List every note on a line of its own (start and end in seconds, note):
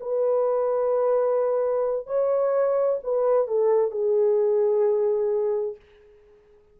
0.00 2.06 B4
2.06 2.99 C#5
3.03 3.47 B4
3.47 3.91 A4
3.91 5.75 G#4